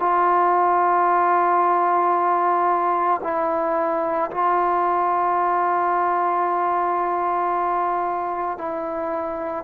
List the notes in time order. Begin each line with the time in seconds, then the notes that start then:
0.00 F4
3.24 E4
4.31 F4
8.59 E4